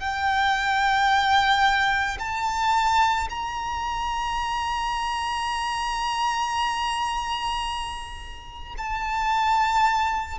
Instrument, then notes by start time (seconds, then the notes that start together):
violin
0.00 G5
2.20 A5
3.30 A#5
8.78 A5